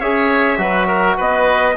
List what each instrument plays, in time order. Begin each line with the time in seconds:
0.00 bassoon C#4, trombone G#4, oboe C#5, trumpet E5
0.58 bassoon F#3, trombone F#4, oboe B4
0.87 oboe A#4
1.17 bassoon B3, oboe B4, trumpet D#5